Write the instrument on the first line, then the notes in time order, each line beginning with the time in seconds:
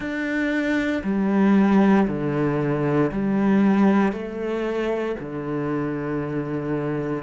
cello
0.00 D4
1.03 G3
2.07 D3
3.11 G3
4.12 A3
5.20 D3